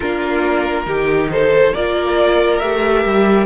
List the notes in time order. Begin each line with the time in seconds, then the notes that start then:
0.00 A#3 D4 F4 A#4
0.85 D#3 D#4 G4
1.30 A4 C5
1.73 A#3 F4 A#4 D5
2.59 A3 G4 E5
3.05 G3